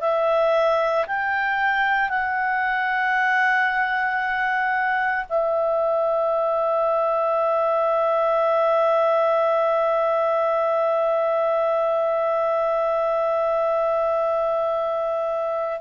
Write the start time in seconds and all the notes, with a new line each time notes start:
0.00 E5
1.06 G5
2.09 F#5
5.29 E5